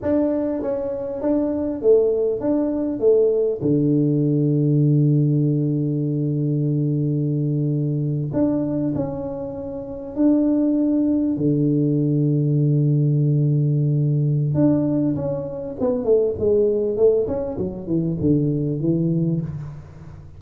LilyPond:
\new Staff \with { instrumentName = "tuba" } { \time 4/4 \tempo 4 = 99 d'4 cis'4 d'4 a4 | d'4 a4 d2~ | d1~ | d4.~ d16 d'4 cis'4~ cis'16~ |
cis'8. d'2 d4~ d16~ | d1 | d'4 cis'4 b8 a8 gis4 | a8 cis'8 fis8 e8 d4 e4 | }